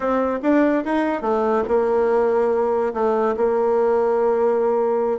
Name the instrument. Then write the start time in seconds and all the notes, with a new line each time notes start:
bassoon
0.00 C4
0.42 D4
0.84 D#4
1.21 A3
1.68 A#3
2.93 A3
3.37 A#3